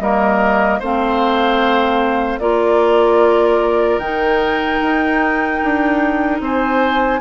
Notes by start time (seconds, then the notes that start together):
0.00 G3 A#3 A#4 D#5
0.79 A3 C4 C5 F5
2.39 A#3 F4 A#4 D5
3.98 D#3 D#4 G5
4.82 D#4
5.63 D4
6.40 C4 C5 G#5